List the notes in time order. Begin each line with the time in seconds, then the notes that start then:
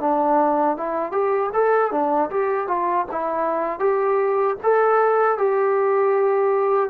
0.00 D4
0.77 E4
1.12 G4
1.53 A4
1.92 D4
2.30 G4
2.67 F4
3.12 E4
3.80 G4
4.63 A4
5.38 G4